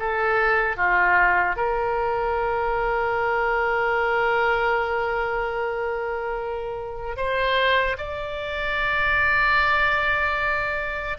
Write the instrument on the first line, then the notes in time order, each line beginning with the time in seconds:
oboe
0.00 A4
0.77 F4
1.56 A#4
7.17 C5
7.98 D5